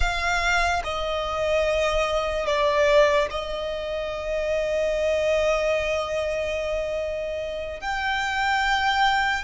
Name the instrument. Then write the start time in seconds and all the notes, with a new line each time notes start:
violin
0.00 F5
0.84 D#5
2.45 D5
3.30 D#5
7.80 G5